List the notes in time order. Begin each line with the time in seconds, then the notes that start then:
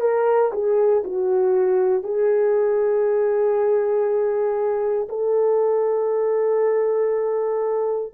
0.00 A#4
0.52 G#4
1.04 F#4
2.03 G#4
5.08 A4